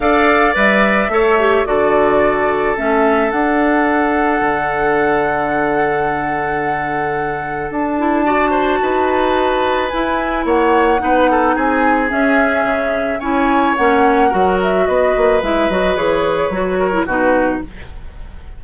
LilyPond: <<
  \new Staff \with { instrumentName = "flute" } { \time 4/4 \tempo 4 = 109 f''4 e''2 d''4~ | d''4 e''4 fis''2~ | fis''1~ | fis''2 a''2~ |
a''2 gis''4 fis''4~ | fis''4 gis''4 e''2 | gis''4 fis''4. e''8 dis''4 | e''8 dis''8 cis''2 b'4 | }
  \new Staff \with { instrumentName = "oboe" } { \time 4/4 d''2 cis''4 a'4~ | a'1~ | a'1~ | a'2. d''8 c''8 |
b'2. cis''4 | b'8 a'8 gis'2. | cis''2 ais'4 b'4~ | b'2~ b'8 ais'8 fis'4 | }
  \new Staff \with { instrumentName = "clarinet" } { \time 4/4 a'4 b'4 a'8 g'8 fis'4~ | fis'4 cis'4 d'2~ | d'1~ | d'2~ d'8 e'8 fis'4~ |
fis'2 e'2 | dis'2 cis'2 | e'4 cis'4 fis'2 | e'8 fis'8 gis'4 fis'8. e'16 dis'4 | }
  \new Staff \with { instrumentName = "bassoon" } { \time 4/4 d'4 g4 a4 d4~ | d4 a4 d'2 | d1~ | d2 d'2 |
dis'2 e'4 ais4 | b4 c'4 cis'4 cis4 | cis'4 ais4 fis4 b8 ais8 | gis8 fis8 e4 fis4 b,4 | }
>>